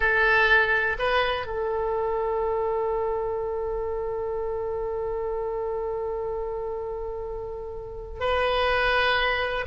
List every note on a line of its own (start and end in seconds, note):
0.00 0.96 A4
0.98 1.46 B4
1.46 8.20 A4
8.20 9.65 B4